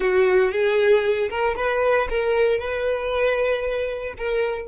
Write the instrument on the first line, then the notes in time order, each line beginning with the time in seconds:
violin
0.00 F#4
0.51 G#4
1.29 A#4
1.56 B4
2.09 A#4
2.58 B4
4.17 A#4